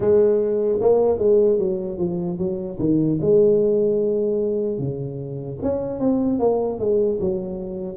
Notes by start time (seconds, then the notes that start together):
0.00 G#3
0.80 A#3
1.18 G#3
1.58 F#3
1.98 F3
2.38 F#3
2.79 D#3
3.21 G#3
4.78 C#3
5.62 C#4
5.99 C4
6.39 A#3
6.79 G#3
7.20 F#3